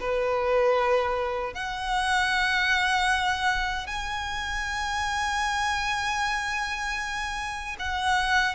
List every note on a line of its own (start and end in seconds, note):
0.00 1.54 B4
1.54 3.87 F#5
3.87 7.76 G#5
7.79 8.55 F#5